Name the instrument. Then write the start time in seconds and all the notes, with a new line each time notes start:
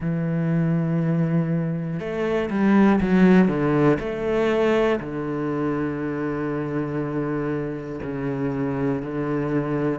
cello
0.00 E3
1.99 A3
2.50 G3
3.00 F#3
3.48 D3
4.00 A3
5.00 D3
8.02 C#3
9.01 D3